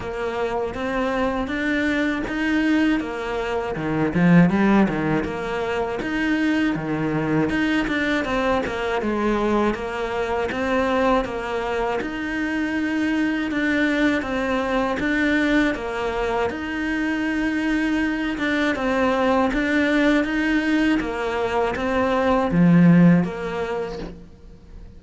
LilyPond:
\new Staff \with { instrumentName = "cello" } { \time 4/4 \tempo 4 = 80 ais4 c'4 d'4 dis'4 | ais4 dis8 f8 g8 dis8 ais4 | dis'4 dis4 dis'8 d'8 c'8 ais8 | gis4 ais4 c'4 ais4 |
dis'2 d'4 c'4 | d'4 ais4 dis'2~ | dis'8 d'8 c'4 d'4 dis'4 | ais4 c'4 f4 ais4 | }